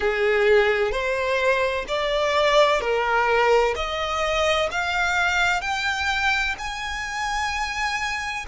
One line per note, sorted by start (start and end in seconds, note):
0.00 0.91 G#4
0.91 1.85 C5
1.87 2.80 D5
2.80 3.74 A#4
3.75 4.69 D#5
4.71 5.61 F5
5.61 6.55 G5
6.58 8.45 G#5